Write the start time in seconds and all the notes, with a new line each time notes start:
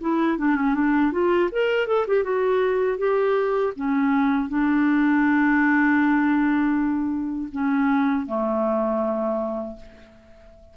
0.00 E4
0.38 D4
0.55 C#4
0.74 D4
1.11 F4
1.51 A#4
1.87 A4
2.07 G4
2.23 F#4
2.98 G4
3.76 C#4
4.48 D4
7.51 C#4
8.26 A3